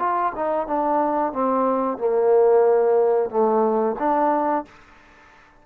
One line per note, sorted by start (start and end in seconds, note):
0.00 0.33 F4
0.36 0.67 D#4
0.67 1.33 D4
1.33 1.98 C4
1.98 3.30 A#3
3.30 3.96 A3
4.00 4.65 D4